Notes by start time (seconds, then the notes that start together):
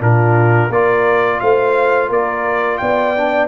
0.00 A#2 D4 F4 A#4
0.69 A#3 F4 A#4 D5
1.40 A3 C5 F5
2.09 A#3 A#4 D5
2.77 B3 D5 G5
3.17 D4